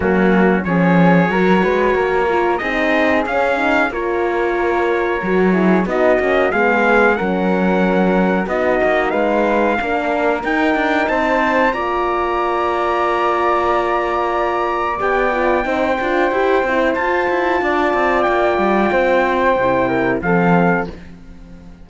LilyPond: <<
  \new Staff \with { instrumentName = "trumpet" } { \time 4/4 \tempo 4 = 92 fis'4 cis''2. | dis''4 f''4 cis''2~ | cis''4 dis''4 f''4 fis''4~ | fis''4 dis''4 f''2 |
g''4 a''4 ais''2~ | ais''2. g''4~ | g''2 a''2 | g''2. f''4 | }
  \new Staff \with { instrumentName = "flute" } { \time 4/4 cis'4 gis'4 ais'8 b'8 ais'4 | gis'2 ais'2~ | ais'8 gis'8 fis'4 gis'4 ais'4~ | ais'4 fis'4 b'4 ais'4~ |
ais'4 c''4 d''2~ | d''1 | c''2. d''4~ | d''4 c''4. ais'8 a'4 | }
  \new Staff \with { instrumentName = "horn" } { \time 4/4 ais4 cis'4 fis'4. f'8 | dis'4 cis'8 dis'8 f'2 | fis'8 e'8 dis'8 cis'8 b4 cis'4~ | cis'4 dis'2 d'4 |
dis'2 f'2~ | f'2. g'8 f'8 | dis'8 f'8 g'8 e'8 f'2~ | f'2 e'4 c'4 | }
  \new Staff \with { instrumentName = "cello" } { \time 4/4 fis4 f4 fis8 gis8 ais4 | c'4 cis'4 ais2 | fis4 b8 ais8 gis4 fis4~ | fis4 b8 ais8 gis4 ais4 |
dis'8 d'8 c'4 ais2~ | ais2. b4 | c'8 d'8 e'8 c'8 f'8 e'8 d'8 c'8 | ais8 g8 c'4 c4 f4 | }
>>